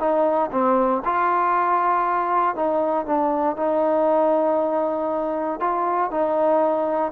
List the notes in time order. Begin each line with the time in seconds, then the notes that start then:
0.00 D#4
0.52 C4
1.05 F4
2.56 D#4
3.06 D4
3.57 D#4
5.60 F4
6.11 D#4